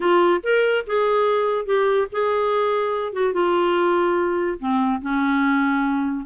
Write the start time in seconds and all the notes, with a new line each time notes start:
0.00 F4
0.43 A#4
0.86 G#4
1.65 G4
2.12 G#4
3.12 F#4
3.33 F4
4.59 C4
5.01 C#4